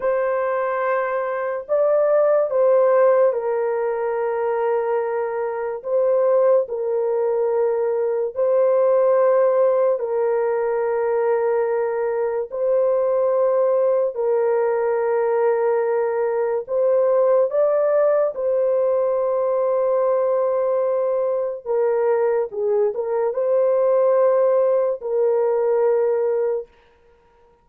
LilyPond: \new Staff \with { instrumentName = "horn" } { \time 4/4 \tempo 4 = 72 c''2 d''4 c''4 | ais'2. c''4 | ais'2 c''2 | ais'2. c''4~ |
c''4 ais'2. | c''4 d''4 c''2~ | c''2 ais'4 gis'8 ais'8 | c''2 ais'2 | }